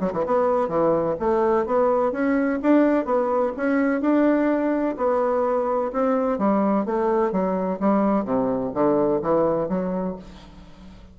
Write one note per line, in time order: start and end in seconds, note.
0.00 0.12 F#3
0.13 0.25 E3
0.26 0.68 B3
0.68 1.16 E3
1.19 1.66 A3
1.66 2.12 B3
2.12 2.59 C#4
2.63 3.05 D4
3.05 3.52 B3
3.57 4.01 C#4
4.01 4.96 D4
4.97 5.91 B3
5.93 6.38 C4
6.38 6.85 G3
6.85 7.32 A3
7.32 7.79 F#3
7.80 8.25 G3
8.25 8.72 C3
8.74 9.21 D3
9.22 9.69 E3
9.69 10.16 F#3